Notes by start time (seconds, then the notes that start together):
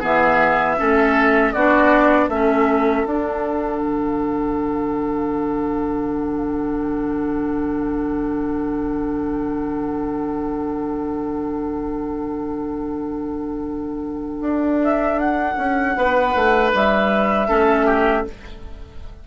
0.00 E3 B3 G#4 E5
0.78 A3 C#4 A4
1.53 B3 D4 F#4 D5
2.28 A3 C#4 A4 E5
3.05 D4 F#5
3.81 D3
14.41 D4
14.84 E5
15.19 F#5
15.57 C#4
15.96 B3 B4
16.35 A3
16.74 G3 E5
17.48 A3 C#4 A4
17.86 G4